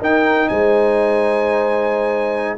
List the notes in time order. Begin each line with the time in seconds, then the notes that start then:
0.00 D#4 A#4 G5
0.49 G#3 C5 G#5